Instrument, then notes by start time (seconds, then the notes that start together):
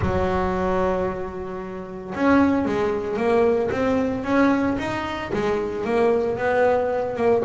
double bass
0.01 F#3
2.14 C#4
2.65 G#3
3.17 A#3
3.71 C4
4.23 C#4
4.78 D#4
5.33 G#3
5.84 A#3
6.37 B3
7.15 A#3